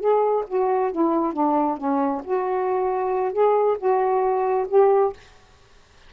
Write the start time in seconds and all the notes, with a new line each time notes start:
0.00 G#4
0.47 F#4
0.92 E4
1.33 D4
1.78 C#4
2.24 F#4
3.33 G#4
3.78 F#4
4.68 G4